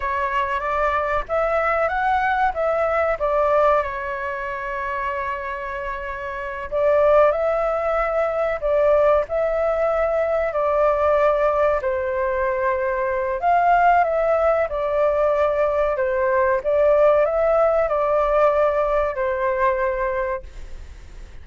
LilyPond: \new Staff \with { instrumentName = "flute" } { \time 4/4 \tempo 4 = 94 cis''4 d''4 e''4 fis''4 | e''4 d''4 cis''2~ | cis''2~ cis''8 d''4 e''8~ | e''4. d''4 e''4.~ |
e''8 d''2 c''4.~ | c''4 f''4 e''4 d''4~ | d''4 c''4 d''4 e''4 | d''2 c''2 | }